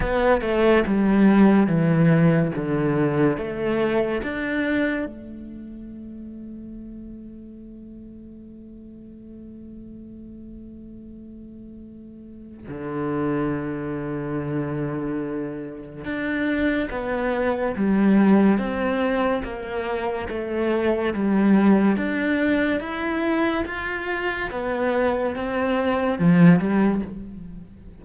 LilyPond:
\new Staff \with { instrumentName = "cello" } { \time 4/4 \tempo 4 = 71 b8 a8 g4 e4 d4 | a4 d'4 a2~ | a1~ | a2. d4~ |
d2. d'4 | b4 g4 c'4 ais4 | a4 g4 d'4 e'4 | f'4 b4 c'4 f8 g8 | }